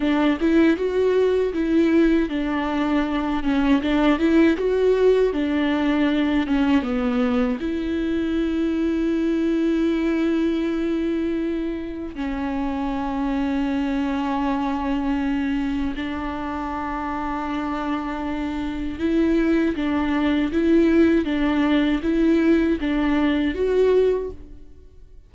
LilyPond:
\new Staff \with { instrumentName = "viola" } { \time 4/4 \tempo 4 = 79 d'8 e'8 fis'4 e'4 d'4~ | d'8 cis'8 d'8 e'8 fis'4 d'4~ | d'8 cis'8 b4 e'2~ | e'1 |
cis'1~ | cis'4 d'2.~ | d'4 e'4 d'4 e'4 | d'4 e'4 d'4 fis'4 | }